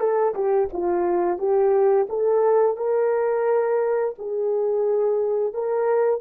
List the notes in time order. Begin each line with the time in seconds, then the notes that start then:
0.00 A4
0.35 G4
0.73 F4
1.38 G4
2.09 A4
2.77 A#4
4.18 G#4
5.54 A#4